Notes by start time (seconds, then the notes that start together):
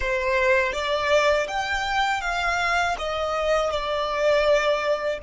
0.00 C5
0.72 D5
1.47 G5
2.21 F5
2.98 D#5
3.70 D5